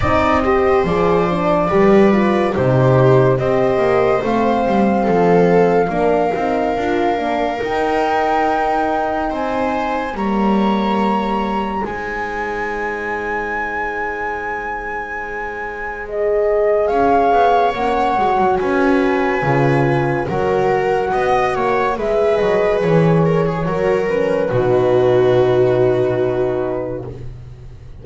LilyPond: <<
  \new Staff \with { instrumentName = "flute" } { \time 4/4 \tempo 4 = 71 dis''4 d''2 c''4 | dis''4 f''2.~ | f''4 g''2 gis''4 | ais''2 gis''2~ |
gis''2. dis''4 | f''4 fis''4 gis''2 | fis''2 e''8 dis''8 cis''4~ | cis''8 b'2.~ b'8 | }
  \new Staff \with { instrumentName = "viola" } { \time 4/4 d''8 c''4. b'4 g'4 | c''2 a'4 ais'4~ | ais'2. c''4 | cis''2 c''2~ |
c''1 | cis''2 b'2 | ais'4 dis''8 cis''8 b'4. ais'16 gis'16 | ais'4 fis'2. | }
  \new Staff \with { instrumentName = "horn" } { \time 4/4 dis'8 g'8 gis'8 d'8 g'8 f'8 dis'4 | g'4 c'2 d'8 dis'8 | f'8 d'8 dis'2. | ais2 dis'2~ |
dis'2. gis'4~ | gis'4 cis'8 fis'4. f'4 | fis'2 gis'2 | fis'8 cis'8 dis'2. | }
  \new Staff \with { instrumentName = "double bass" } { \time 4/4 c'4 f4 g4 c4 | c'8 ais8 a8 g8 f4 ais8 c'8 | d'8 ais8 dis'2 c'4 | g2 gis2~ |
gis1 | cis'8 b8 ais8 gis16 fis16 cis'4 cis4 | fis4 b8 ais8 gis8 fis8 e4 | fis4 b,2. | }
>>